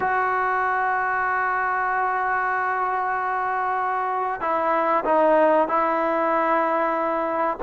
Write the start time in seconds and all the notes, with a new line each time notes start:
0.00 F#4
4.40 E4
5.04 D#4
5.68 E4